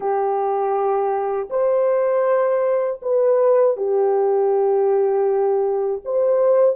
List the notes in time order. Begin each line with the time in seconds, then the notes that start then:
0.00 G4
1.50 C5
3.02 B4
3.77 G4
6.04 C5